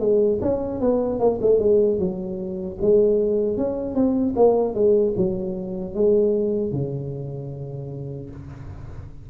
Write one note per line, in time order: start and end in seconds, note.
0.00 0.39 G#3
0.42 0.81 C#4
0.81 1.20 B3
1.20 1.40 A#3
1.42 1.60 A3
1.60 1.99 G#3
1.99 2.78 F#3
2.82 3.57 G#3
3.57 3.95 C#4
3.95 4.35 C4
4.36 4.75 A#3
4.75 5.14 G#3
5.17 5.95 F#3
5.95 6.72 G#3
6.72 8.30 C#3